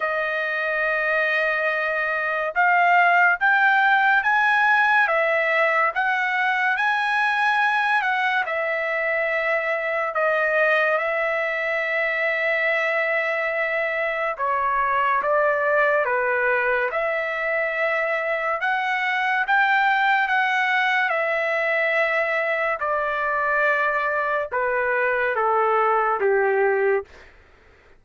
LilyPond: \new Staff \with { instrumentName = "trumpet" } { \time 4/4 \tempo 4 = 71 dis''2. f''4 | g''4 gis''4 e''4 fis''4 | gis''4. fis''8 e''2 | dis''4 e''2.~ |
e''4 cis''4 d''4 b'4 | e''2 fis''4 g''4 | fis''4 e''2 d''4~ | d''4 b'4 a'4 g'4 | }